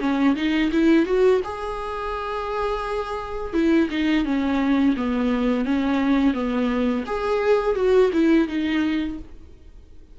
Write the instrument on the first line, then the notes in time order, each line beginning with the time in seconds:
viola
0.00 C#4
0.36 D#4
0.72 E4
1.06 F#4
1.44 G#4
3.54 E4
3.90 D#4
4.25 C#4
4.97 B3
5.65 C#4
6.34 B3
7.06 G#4
7.76 F#4
8.13 E4
8.48 D#4